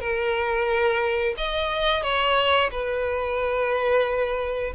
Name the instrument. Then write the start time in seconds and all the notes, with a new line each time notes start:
violin
0.00 A#4
1.37 D#5
2.03 C#5
2.71 B4